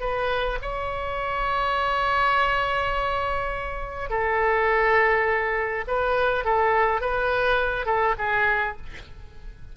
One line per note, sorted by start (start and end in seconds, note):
0.00 0.58 B4
0.61 4.10 C#5
4.10 5.84 A4
5.87 6.44 B4
6.44 7.01 A4
7.01 7.86 B4
7.86 8.15 A4
8.18 8.76 G#4